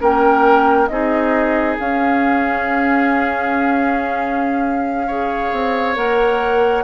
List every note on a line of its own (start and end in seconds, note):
0.00 0.90 A#3
0.00 0.88 C#4
0.00 0.89 A#4
0.00 0.87 G5
0.87 1.78 C4
0.87 1.79 D#4
0.87 5.07 G#4
0.87 1.76 D#5
1.79 5.53 C#4
1.79 5.09 C#4
1.79 5.97 F5
5.07 5.96 G#4
5.07 6.84 C#5
5.53 5.96 C4
5.96 6.84 A#3
5.96 6.84 A#4
5.96 6.84 F#5